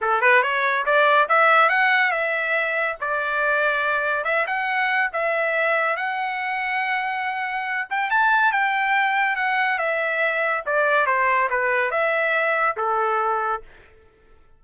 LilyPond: \new Staff \with { instrumentName = "trumpet" } { \time 4/4 \tempo 4 = 141 a'8 b'8 cis''4 d''4 e''4 | fis''4 e''2 d''4~ | d''2 e''8 fis''4. | e''2 fis''2~ |
fis''2~ fis''8 g''8 a''4 | g''2 fis''4 e''4~ | e''4 d''4 c''4 b'4 | e''2 a'2 | }